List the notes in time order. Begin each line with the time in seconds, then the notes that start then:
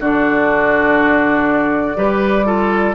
0.00 D3 D4 F#4 D5
1.95 G3 G4 B4
2.45 F4 A4